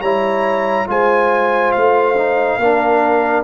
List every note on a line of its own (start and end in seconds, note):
0.00 0.86 G3
0.00 0.87 E4
0.00 0.86 C#5
0.00 0.87 A#5
0.87 1.74 G#3
0.87 2.16 F4
0.87 2.60 C5
0.87 1.72 G#5
1.72 2.57 A3
1.72 3.43 F5
2.17 2.60 D#4
2.57 3.43 A#3
2.57 3.44 D4
2.57 3.44 A#4